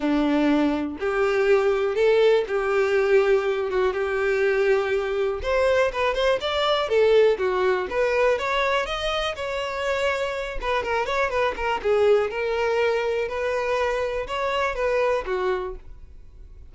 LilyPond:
\new Staff \with { instrumentName = "violin" } { \time 4/4 \tempo 4 = 122 d'2 g'2 | a'4 g'2~ g'8 fis'8 | g'2. c''4 | b'8 c''8 d''4 a'4 fis'4 |
b'4 cis''4 dis''4 cis''4~ | cis''4. b'8 ais'8 cis''8 b'8 ais'8 | gis'4 ais'2 b'4~ | b'4 cis''4 b'4 fis'4 | }